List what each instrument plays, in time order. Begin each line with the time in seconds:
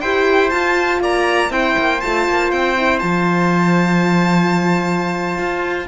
0.00 cello E4, horn G4, trumpet C5, violin G5
0.49 horn F4, cello F4, violin A5
1.00 cello A#3, trumpet D5, violin A#5
1.48 cello C4, horn E4, trumpet C5, violin G5
1.77 cello A#3
2.00 cello A3, horn F4, violin A5
2.28 cello A#3
2.51 cello C4, violin G5
2.76 horn E4
2.98 cello F3, horn F4, violin A5
5.38 cello F4